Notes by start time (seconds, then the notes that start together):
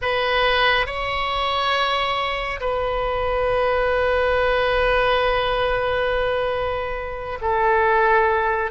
0.01 B4
0.86 C#5
2.60 B4
7.41 A4